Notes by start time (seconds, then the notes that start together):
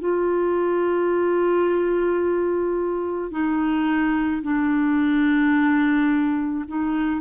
0.00 F4
3.31 D#4
4.43 D4
6.68 D#4